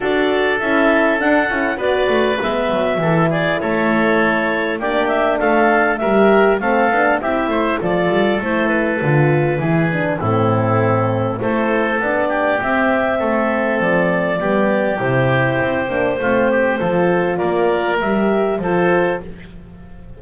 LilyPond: <<
  \new Staff \with { instrumentName = "clarinet" } { \time 4/4 \tempo 4 = 100 d''4 e''4 fis''4 d''4 | e''4. d''8 cis''2 | d''8 e''8 f''4 e''4 f''4 | e''4 d''4 c''8 b'4.~ |
b'4 a'2 c''4 | d''4 e''2 d''4~ | d''4 c''2.~ | c''4 d''4 e''4 c''4 | }
  \new Staff \with { instrumentName = "oboe" } { \time 4/4 a'2. b'4~ | b'4 a'8 gis'8 a'2 | g'4 a'4 ais'4 a'4 | g'8 c''8 a'2. |
gis'4 e'2 a'4~ | a'8 g'4. a'2 | g'2. f'8 g'8 | a'4 ais'2 a'4 | }
  \new Staff \with { instrumentName = "horn" } { \time 4/4 fis'4 e'4 d'8 e'8 fis'4 | b4 e'2. | d'2 g'4 c'8 d'8 | e'4 f'4 e'4 f'4 |
e'8 d'8 c'2 e'4 | d'4 c'2. | b4 e'4. d'8 c'4 | f'2 g'4 f'4 | }
  \new Staff \with { instrumentName = "double bass" } { \time 4/4 d'4 cis'4 d'8 cis'8 b8 a8 | gis8 fis8 e4 a2 | ais4 a4 g4 a8 b8 | c'8 a8 f8 g8 a4 d4 |
e4 a,2 a4 | b4 c'4 a4 f4 | g4 c4 c'8 ais8 a4 | f4 ais4 g4 f4 | }
>>